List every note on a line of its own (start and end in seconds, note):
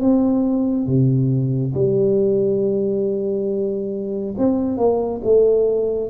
0.00 0.87 C4
0.87 1.74 C3
1.74 4.35 G3
4.38 4.77 C4
4.77 5.21 A#3
5.24 6.09 A3